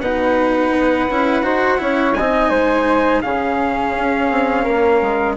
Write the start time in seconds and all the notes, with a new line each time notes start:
0.00 B2 D#4 B4 F#5
0.70 B3
1.10 C#4 E4
1.42 D#4 F#4 C5
1.78 C#4 E4 C#5
2.13 C4 D#5 G#5
2.20 D#4
2.50 G#3 C5
3.21 C#3 C#4 G#4 F5
3.97 C#4
4.30 C4
4.63 A#3 A#4
5.01 G#3